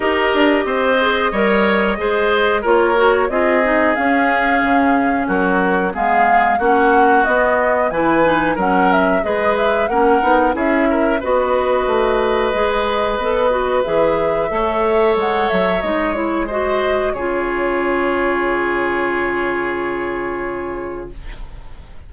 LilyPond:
<<
  \new Staff \with { instrumentName = "flute" } { \time 4/4 \tempo 4 = 91 dis''1 | cis''4 dis''4 f''2 | ais'4 f''4 fis''4 dis''4 | gis''4 fis''8 e''8 dis''8 e''8 fis''4 |
e''4 dis''2.~ | dis''4 e''2 fis''8 e''8 | dis''8 cis''8 dis''4 cis''2~ | cis''1 | }
  \new Staff \with { instrumentName = "oboe" } { \time 4/4 ais'4 c''4 cis''4 c''4 | ais'4 gis'2. | fis'4 gis'4 fis'2 | b'4 ais'4 b'4 ais'4 |
gis'8 ais'8 b'2.~ | b'2 cis''2~ | cis''4 c''4 gis'2~ | gis'1 | }
  \new Staff \with { instrumentName = "clarinet" } { \time 4/4 g'4. gis'8 ais'4 gis'4 | f'8 fis'8 f'8 dis'8 cis'2~ | cis'4 b4 cis'4 b4 | e'8 dis'8 cis'4 gis'4 cis'8 dis'8 |
e'4 fis'2 gis'4 | a'8 fis'8 gis'4 a'2 | dis'8 e'8 fis'4 f'2~ | f'1 | }
  \new Staff \with { instrumentName = "bassoon" } { \time 4/4 dis'8 d'8 c'4 g4 gis4 | ais4 c'4 cis'4 cis4 | fis4 gis4 ais4 b4 | e4 fis4 gis4 ais8 b8 |
cis'4 b4 a4 gis4 | b4 e4 a4 gis8 fis8 | gis2 cis2~ | cis1 | }
>>